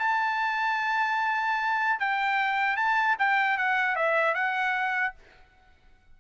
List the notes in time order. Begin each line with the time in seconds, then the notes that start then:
0.00 A5
2.00 G5
2.77 A5
3.19 G5
3.58 F#5
3.96 E5
4.35 F#5